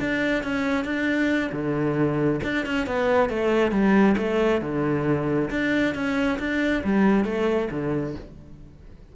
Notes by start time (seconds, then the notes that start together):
0.00 D4
0.44 C#4
0.85 D4
1.52 D3
2.44 D4
2.66 C#4
2.87 B3
3.29 A3
3.72 G3
4.18 A3
4.62 D3
5.51 D4
5.95 C#4
6.39 D4
6.84 G3
7.25 A3
7.71 D3